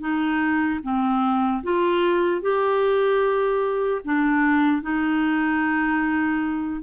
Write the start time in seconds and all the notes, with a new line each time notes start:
0.00 D#4
0.83 C4
1.64 F4
2.41 G4
4.05 D4
4.82 D#4